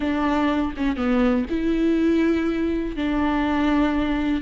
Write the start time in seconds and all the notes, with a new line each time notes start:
0.00 D4
0.76 C#4
0.96 B3
1.49 E4
2.96 D4